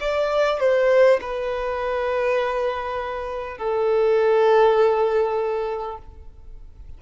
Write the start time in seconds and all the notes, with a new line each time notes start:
0.00 D5
0.60 C5
1.21 B4
3.58 A4